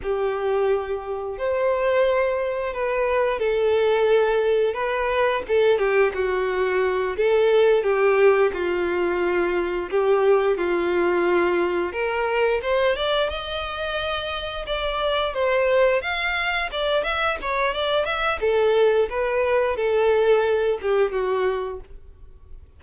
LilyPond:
\new Staff \with { instrumentName = "violin" } { \time 4/4 \tempo 4 = 88 g'2 c''2 | b'4 a'2 b'4 | a'8 g'8 fis'4. a'4 g'8~ | g'8 f'2 g'4 f'8~ |
f'4. ais'4 c''8 d''8 dis''8~ | dis''4. d''4 c''4 f''8~ | f''8 d''8 e''8 cis''8 d''8 e''8 a'4 | b'4 a'4. g'8 fis'4 | }